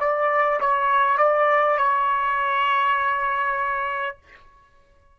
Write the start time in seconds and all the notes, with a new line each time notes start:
0.00 D5
0.61 C#5
1.18 D5
1.78 C#5